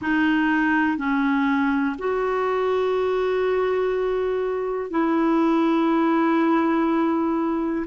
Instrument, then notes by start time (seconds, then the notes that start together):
clarinet
0.01 D#4
0.97 C#4
1.98 F#4
4.90 E4